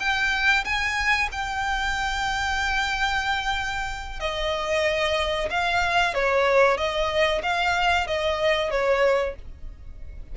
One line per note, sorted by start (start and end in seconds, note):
0.00 0.65 G5
0.65 1.30 G#5
1.32 4.20 G5
4.20 5.49 D#5
5.51 6.14 F5
6.14 6.78 C#5
6.78 7.42 D#5
7.43 8.07 F5
8.07 8.71 D#5
8.71 9.36 C#5